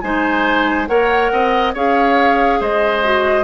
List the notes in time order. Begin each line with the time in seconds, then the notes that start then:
0.00 G#3 D#4 C5 G#5
0.87 A#3 A#4 C#5 F#5
1.32 C4 D#5
1.74 C#4 G#4 C#5 F5
2.60 G#3 C5 D#5
3.03 F#4